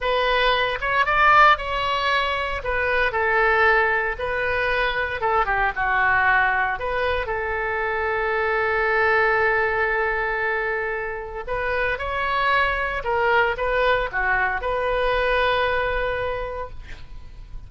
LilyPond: \new Staff \with { instrumentName = "oboe" } { \time 4/4 \tempo 4 = 115 b'4. cis''8 d''4 cis''4~ | cis''4 b'4 a'2 | b'2 a'8 g'8 fis'4~ | fis'4 b'4 a'2~ |
a'1~ | a'2 b'4 cis''4~ | cis''4 ais'4 b'4 fis'4 | b'1 | }